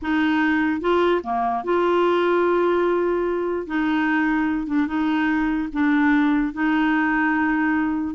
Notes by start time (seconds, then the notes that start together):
0.02 D#4
0.80 F4
1.23 A#3
1.64 F4
3.66 D#4
4.66 D4
4.87 D#4
5.73 D4
6.53 D#4